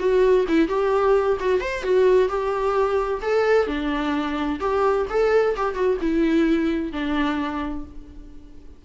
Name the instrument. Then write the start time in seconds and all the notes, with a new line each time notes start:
viola
0.00 F#4
0.49 E4
0.69 G4
1.40 F#4
1.61 C5
1.84 F#4
2.29 G4
3.22 A4
3.68 D4
4.60 G4
5.10 A4
5.57 G4
5.75 F#4
6.01 E4
6.93 D4